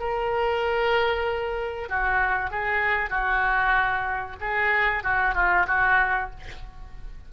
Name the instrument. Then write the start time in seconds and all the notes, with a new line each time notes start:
oboe
0.00 A#4
1.89 F#4
2.51 G#4
3.10 F#4
4.41 G#4
5.04 F#4
5.35 F4
5.68 F#4